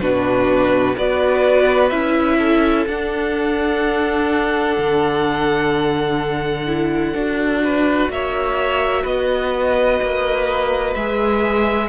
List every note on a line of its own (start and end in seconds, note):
0.00 0.95 B2
0.00 0.96 D4
0.00 0.96 F#4
0.00 0.95 B4
0.96 1.91 B3
0.96 1.92 F#4
0.96 2.38 B4
0.96 1.89 D5
1.89 2.86 C#4
1.89 2.87 E4
1.89 2.84 E5
2.38 7.62 A4
2.87 4.77 D4
2.87 6.67 D4
2.87 8.11 F#5
4.78 7.14 D3
6.67 7.14 E4
7.14 8.09 D4
7.14 10.96 F#4
7.64 8.12 B4
8.09 9.04 A#3
8.09 9.02 C#5
8.09 9.06 E5
9.02 10.00 B3
9.02 11.88 B4
9.02 10.94 D#5
10.02 10.95 A#3
10.94 11.89 G#3
10.94 11.89 G#4
10.94 11.89 E5